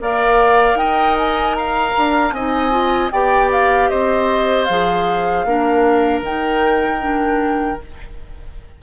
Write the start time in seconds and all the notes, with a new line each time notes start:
0.00 A#3 A#4 D5 F5
0.74 D#4 D#5 G5
1.17 G#5
1.54 F5 A#5
1.97 D4
2.32 C4 D#4 D#5 G#5
2.71 F4
3.11 B3 G4 D5 G5
3.52 F5
3.89 C4 C5 D#5
4.65 F3 G#4 F5
5.45 A#3 D4 A#4
6.21 D#3 D#4 G5
7.00 D4